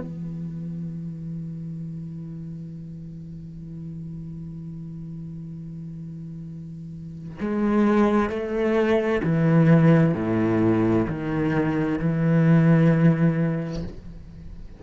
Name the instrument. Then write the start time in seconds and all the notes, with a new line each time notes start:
cello
0.00 E3
7.40 G#3
8.30 A3
9.23 E3
10.14 A2
11.07 D#3
11.99 E3